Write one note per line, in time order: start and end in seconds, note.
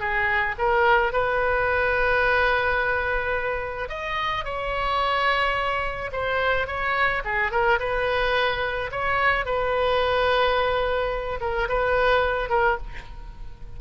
0.00 0.56 G#4
0.59 1.13 A#4
1.13 3.89 B4
3.89 4.45 D#5
4.45 6.11 C#5
6.13 6.67 C5
6.67 7.23 C#5
7.25 7.52 G#4
7.52 7.80 A#4
7.80 8.91 B4
8.92 9.46 C#5
9.46 11.40 B4
11.41 11.68 A#4
11.69 12.50 B4
12.50 12.78 A#4